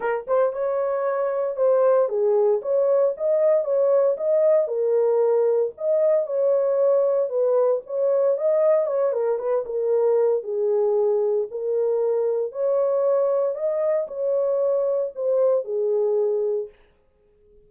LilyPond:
\new Staff \with { instrumentName = "horn" } { \time 4/4 \tempo 4 = 115 ais'8 c''8 cis''2 c''4 | gis'4 cis''4 dis''4 cis''4 | dis''4 ais'2 dis''4 | cis''2 b'4 cis''4 |
dis''4 cis''8 ais'8 b'8 ais'4. | gis'2 ais'2 | cis''2 dis''4 cis''4~ | cis''4 c''4 gis'2 | }